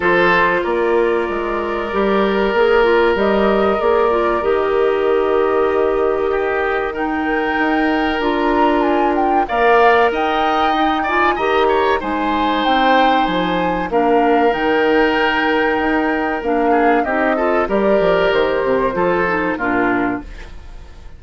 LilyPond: <<
  \new Staff \with { instrumentName = "flute" } { \time 4/4 \tempo 4 = 95 c''4 d''2.~ | d''4 dis''4 d''4 dis''4~ | dis''2. g''4~ | g''4 ais''4 gis''8 g''8 f''4 |
g''4. gis''8 ais''4 gis''4 | g''4 gis''4 f''4 g''4~ | g''2 f''4 dis''4 | d''4 c''2 ais'4 | }
  \new Staff \with { instrumentName = "oboe" } { \time 4/4 a'4 ais'2.~ | ais'1~ | ais'2 g'4 ais'4~ | ais'2. d''4 |
dis''4. d''8 dis''8 cis''8 c''4~ | c''2 ais'2~ | ais'2~ ais'8 gis'8 g'8 a'8 | ais'2 a'4 f'4 | }
  \new Staff \with { instrumentName = "clarinet" } { \time 4/4 f'2. g'4 | gis'8 f'8 g'4 gis'8 f'8 g'4~ | g'2. dis'4~ | dis'4 f'2 ais'4~ |
ais'4 dis'8 f'8 g'4 dis'4~ | dis'2 d'4 dis'4~ | dis'2 d'4 dis'8 f'8 | g'2 f'8 dis'8 d'4 | }
  \new Staff \with { instrumentName = "bassoon" } { \time 4/4 f4 ais4 gis4 g4 | ais4 g4 ais4 dis4~ | dis1 | dis'4 d'2 ais4 |
dis'2 dis4 gis4 | c'4 f4 ais4 dis4~ | dis4 dis'4 ais4 c'4 | g8 f8 dis8 c8 f4 ais,4 | }
>>